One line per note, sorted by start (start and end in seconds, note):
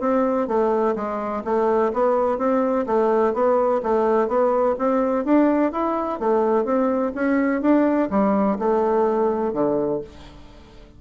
0.00 0.48 C4
0.48 0.95 A3
0.96 1.43 G#3
1.45 1.92 A3
1.93 2.38 B3
2.38 2.86 C4
2.86 3.34 A3
3.34 3.81 B3
3.83 4.28 A3
4.28 4.76 B3
4.79 5.25 C4
5.25 5.72 D4
5.72 6.20 E4
6.20 6.65 A3
6.65 7.13 C4
7.15 7.62 C#4
7.62 8.10 D4
8.10 8.58 G3
8.59 9.53 A3
9.53 10.01 D3